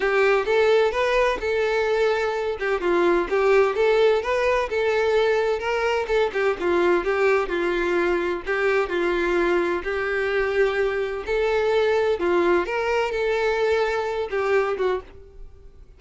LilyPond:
\new Staff \with { instrumentName = "violin" } { \time 4/4 \tempo 4 = 128 g'4 a'4 b'4 a'4~ | a'4. g'8 f'4 g'4 | a'4 b'4 a'2 | ais'4 a'8 g'8 f'4 g'4 |
f'2 g'4 f'4~ | f'4 g'2. | a'2 f'4 ais'4 | a'2~ a'8 g'4 fis'8 | }